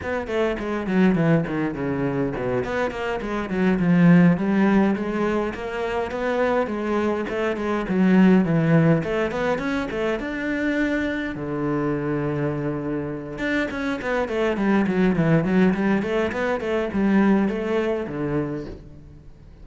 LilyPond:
\new Staff \with { instrumentName = "cello" } { \time 4/4 \tempo 4 = 103 b8 a8 gis8 fis8 e8 dis8 cis4 | b,8 b8 ais8 gis8 fis8 f4 g8~ | g8 gis4 ais4 b4 gis8~ | gis8 a8 gis8 fis4 e4 a8 |
b8 cis'8 a8 d'2 d8~ | d2. d'8 cis'8 | b8 a8 g8 fis8 e8 fis8 g8 a8 | b8 a8 g4 a4 d4 | }